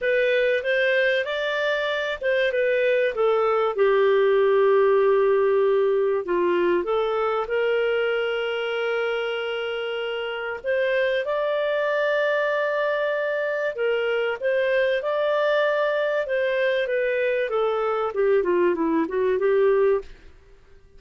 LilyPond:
\new Staff \with { instrumentName = "clarinet" } { \time 4/4 \tempo 4 = 96 b'4 c''4 d''4. c''8 | b'4 a'4 g'2~ | g'2 f'4 a'4 | ais'1~ |
ais'4 c''4 d''2~ | d''2 ais'4 c''4 | d''2 c''4 b'4 | a'4 g'8 f'8 e'8 fis'8 g'4 | }